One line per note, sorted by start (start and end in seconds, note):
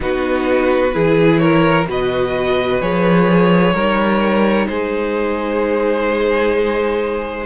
0.00 0.95 B3
0.00 0.91 D#4
0.00 0.94 F#4
0.00 1.38 B4
0.92 1.88 E3
0.92 1.86 E4
0.92 1.40 G#4
1.38 1.87 A#4
1.38 1.84 C#5
1.87 2.81 B2
1.87 2.81 F#4
1.87 3.73 B4
1.87 2.81 D#5
2.81 3.73 F3
2.81 3.75 G#4
2.81 4.67 C#5
3.73 4.67 G3
3.73 7.46 D#4
3.73 4.67 A#4
4.67 7.46 G#3
4.67 7.46 G#4
4.67 7.46 C5